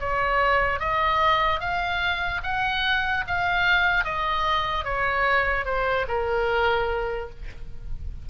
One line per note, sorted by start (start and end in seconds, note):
0.00 0.80 C#5
0.80 1.60 D#5
1.60 2.41 F5
2.44 3.25 F#5
3.28 4.05 F5
4.05 4.85 D#5
4.85 5.66 C#5
5.66 6.06 C5
6.08 7.30 A#4